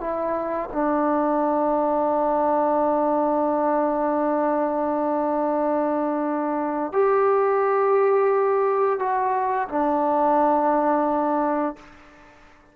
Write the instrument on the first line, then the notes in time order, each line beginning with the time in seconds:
trombone
0.00 E4
0.72 D4
6.92 G4
8.99 F#4
9.69 D4